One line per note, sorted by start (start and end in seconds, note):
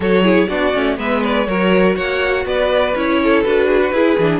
0.00 0.47 F#3
0.00 0.23 F#4
0.00 0.24 A4
0.00 0.48 C#5
0.23 0.48 E4
0.23 0.48 G#4
0.48 0.74 B3
0.48 0.73 D4
0.48 0.97 F#4
0.48 0.97 D5
0.73 0.98 A3
0.73 0.96 C#4
0.96 1.47 G#3
0.96 1.45 B3
0.96 1.47 B4
0.96 1.23 E5
1.23 1.48 D5
1.47 1.96 F#3
1.47 2.94 F#4
1.47 1.95 A#4
1.47 1.96 C#5
1.95 2.45 A#3
1.95 2.45 C#5
1.95 2.45 F#5
2.45 2.94 B3
2.45 3.20 B4
2.45 2.95 D5
2.95 3.44 C#4
2.95 3.45 E4
2.95 3.42 C#5
3.23 3.67 A4
3.42 3.91 D4
3.42 3.95 F#4
3.42 4.39 B4
3.67 3.80 G#4
3.81 3.93 F#4
3.91 4.16 E4
3.91 4.19 E4
3.91 4.39 G#4
4.18 4.39 E3
4.18 4.39 D4